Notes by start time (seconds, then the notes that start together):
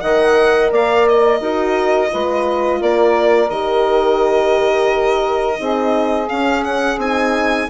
0.00 D#3 A#4 D#5 F#5
0.70 A#3 D5 F5
1.08 D#5
1.39 D#4 F#4 A#4
2.09 G#3 F4 B4
2.80 A#3 A#4 D5
3.50 D#3 G4 D#5
5.56 C4 D#4 G#4
6.28 C#4 F5
6.64 F#5
6.97 C4 D#4 G#5